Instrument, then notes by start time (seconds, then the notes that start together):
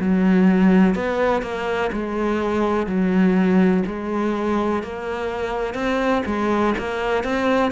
cello
0.00 F#3
0.95 B3
1.43 A#3
1.93 G#3
2.87 F#3
3.87 G#3
4.84 A#3
5.75 C4
6.26 G#3
6.79 A#3
7.24 C4